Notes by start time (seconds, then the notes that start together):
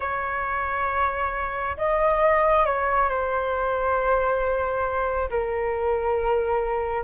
0.00 C#5
1.77 D#5
2.65 C#5
3.09 C5
5.30 A#4